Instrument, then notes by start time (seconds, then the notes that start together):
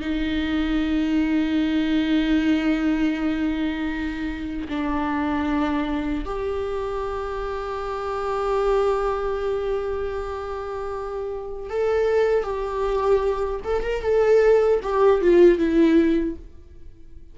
viola
0.00 D#4
4.68 D4
6.25 G4
11.70 A4
12.43 G4
13.64 A4
13.83 A#4
14.02 A4
14.83 G4
15.21 F4
15.58 E4